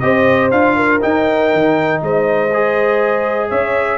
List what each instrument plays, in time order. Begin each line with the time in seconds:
0.00 tuba C4, trombone G4, horn C5, trumpet D#5
0.51 tuba D4, trombone F4, trumpet F5
0.76 horn A#4
1.01 trombone D#4, tuba D#4, trumpet G5
1.53 tuba D#3
2.02 tuba G#3, horn C5, trumpet D#5
2.54 trombone G#4
3.50 tuba C#4, horn C#5, trumpet E5